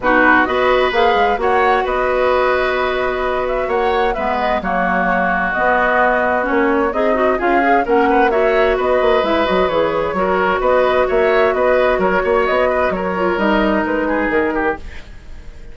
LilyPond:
<<
  \new Staff \with { instrumentName = "flute" } { \time 4/4 \tempo 4 = 130 b'4 dis''4 f''4 fis''4 | dis''2.~ dis''8 e''8 | fis''4 e''8 dis''8 cis''2 | dis''2 cis''4 dis''4 |
f''4 fis''4 e''4 dis''4 | e''8 dis''8 cis''2 dis''4 | e''4 dis''4 cis''4 dis''4 | cis''4 dis''4 b'4 ais'4 | }
  \new Staff \with { instrumentName = "oboe" } { \time 4/4 fis'4 b'2 cis''4 | b'1 | cis''4 b'4 fis'2~ | fis'2. dis'4 |
gis'4 ais'8 b'8 cis''4 b'4~ | b'2 ais'4 b'4 | cis''4 b'4 ais'8 cis''4 b'8 | ais'2~ ais'8 gis'4 g'8 | }
  \new Staff \with { instrumentName = "clarinet" } { \time 4/4 dis'4 fis'4 gis'4 fis'4~ | fis'1~ | fis'4 b4 ais2 | b2 cis'4 gis'8 fis'8 |
f'8 gis'8 cis'4 fis'2 | e'8 fis'8 gis'4 fis'2~ | fis'1~ | fis'8 f'8 dis'2. | }
  \new Staff \with { instrumentName = "bassoon" } { \time 4/4 b,4 b4 ais8 gis8 ais4 | b1 | ais4 gis4 fis2 | b2 ais4 c'4 |
cis'4 ais2 b8 ais8 | gis8 fis8 e4 fis4 b4 | ais4 b4 fis8 ais8 b4 | fis4 g4 gis4 dis4 | }
>>